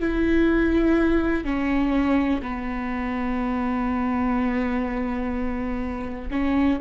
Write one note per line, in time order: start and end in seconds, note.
0.00 1.45 E4
1.45 2.41 C#4
2.42 6.29 B3
6.31 6.79 C#4